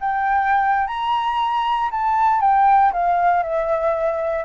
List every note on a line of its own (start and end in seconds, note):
0.00 0.87 G5
0.87 1.89 A#5
1.90 2.40 A5
2.40 2.92 G5
2.92 3.42 F5
3.42 4.45 E5